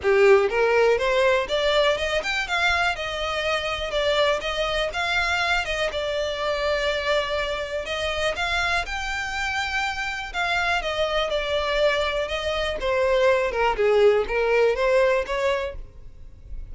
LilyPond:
\new Staff \with { instrumentName = "violin" } { \time 4/4 \tempo 4 = 122 g'4 ais'4 c''4 d''4 | dis''8 g''8 f''4 dis''2 | d''4 dis''4 f''4. dis''8 | d''1 |
dis''4 f''4 g''2~ | g''4 f''4 dis''4 d''4~ | d''4 dis''4 c''4. ais'8 | gis'4 ais'4 c''4 cis''4 | }